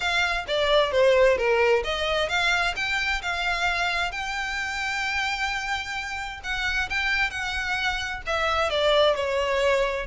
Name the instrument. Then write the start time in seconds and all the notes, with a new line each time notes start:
violin
0.00 F5
0.47 D5
0.91 C5
1.37 A#4
1.83 D#5
2.28 F5
2.76 G5
3.22 F5
4.11 G5
6.43 F#5
6.89 G5
7.30 F#5
8.26 E5
8.70 D5
9.15 C#5